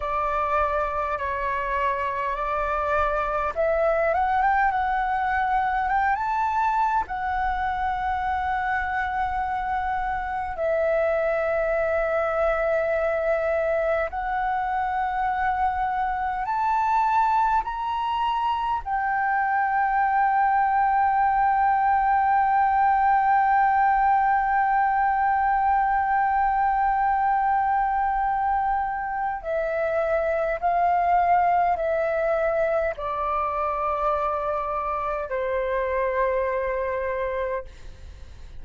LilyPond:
\new Staff \with { instrumentName = "flute" } { \time 4/4 \tempo 4 = 51 d''4 cis''4 d''4 e''8 fis''16 g''16 | fis''4 g''16 a''8. fis''2~ | fis''4 e''2. | fis''2 a''4 ais''4 |
g''1~ | g''1~ | g''4 e''4 f''4 e''4 | d''2 c''2 | }